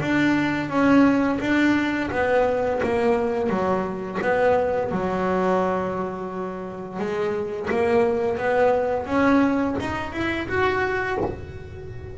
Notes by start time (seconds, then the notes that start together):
0.00 D4
0.69 C#4
1.40 D4
2.11 B3
2.83 A#3
3.49 F#3
4.22 B3
4.91 F#3
6.99 G#3
7.70 A#3
8.37 B3
9.06 C#4
9.80 D#4
10.13 E4
10.48 F#4